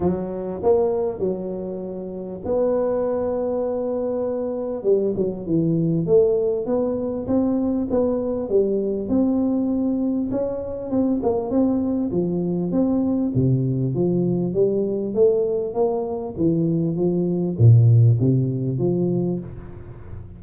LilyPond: \new Staff \with { instrumentName = "tuba" } { \time 4/4 \tempo 4 = 99 fis4 ais4 fis2 | b1 | g8 fis8 e4 a4 b4 | c'4 b4 g4 c'4~ |
c'4 cis'4 c'8 ais8 c'4 | f4 c'4 c4 f4 | g4 a4 ais4 e4 | f4 ais,4 c4 f4 | }